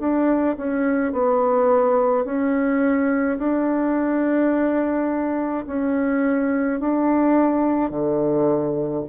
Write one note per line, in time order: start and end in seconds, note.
0.00 0.57 D4
0.58 1.13 C#4
1.13 2.25 B3
2.25 3.39 C#4
3.39 5.66 D4
5.67 6.80 C#4
6.80 7.91 D4
7.91 9.04 D3